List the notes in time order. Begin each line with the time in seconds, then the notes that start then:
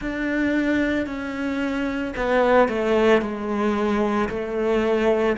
0.01 D4
1.06 C#4
2.16 B3
2.68 A3
3.21 G#3
4.29 A3